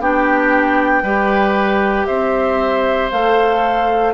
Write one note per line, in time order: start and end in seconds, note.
0.00 1.03 B3
0.00 1.04 D4
0.00 1.03 G4
0.00 2.07 G5
1.03 2.06 G3
1.03 3.12 G4
1.03 2.06 B4
2.07 3.12 C4
2.07 4.14 C5
2.07 3.10 E5
3.11 4.14 A3
3.11 4.14 A4
3.11 4.14 F5